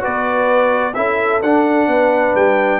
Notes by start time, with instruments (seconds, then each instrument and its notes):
0.00 tuba B3, trombone F#4, horn B4, trumpet D5
0.94 tuba C#4, trombone E4, horn A4, trumpet E5
1.41 tuba D4, trombone D4, trumpet F#5
1.87 tuba B3, horn B4
2.34 tuba G3, trumpet G5